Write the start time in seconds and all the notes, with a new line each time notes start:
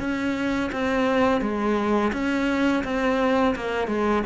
0.00 C#4
0.72 C4
1.41 G#3
2.13 C#4
2.84 C4
3.56 A#3
3.88 G#3